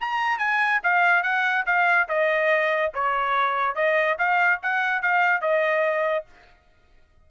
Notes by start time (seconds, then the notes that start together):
0.00 A#5
0.38 G#5
0.83 F5
1.22 F#5
1.66 F5
2.08 D#5
2.94 C#5
3.75 D#5
4.18 F5
4.62 F#5
5.02 F5
5.41 D#5